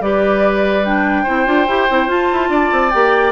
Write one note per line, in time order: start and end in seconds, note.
0.00 1.25 G3
0.00 0.84 G4
0.00 1.23 B4
0.00 0.85 D5
0.84 1.26 D4
0.84 2.10 G5
1.23 1.46 C4
1.23 1.45 E4
1.23 2.48 C5
1.45 1.67 D4
1.45 1.66 F4
1.67 1.88 E4
1.67 1.89 G4
1.89 2.07 C4
1.89 2.08 E4
2.07 2.28 F4
2.07 2.91 F4
2.07 2.90 A5
2.32 2.49 E4
2.49 2.69 D4
2.49 3.32 D5
2.72 2.93 C4
2.90 3.32 A#3
2.90 3.32 G4
2.90 3.31 G5